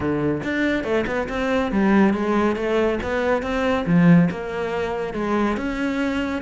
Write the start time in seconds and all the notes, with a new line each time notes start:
0.00 D3
0.43 D4
0.84 A3
1.06 B3
1.28 C4
1.71 G3
2.13 G#3
2.56 A3
3.02 B3
3.42 C4
3.86 F3
4.30 A#3
5.13 G#3
5.57 C#4